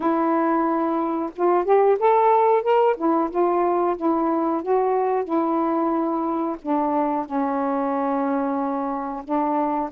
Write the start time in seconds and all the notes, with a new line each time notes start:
0.00 E4
1.36 F4
1.64 G4
1.99 A4
2.62 A#4
2.97 E4
3.30 F4
3.97 E4
4.62 F#4
5.24 E4
6.61 D4
7.25 C#4
9.24 D4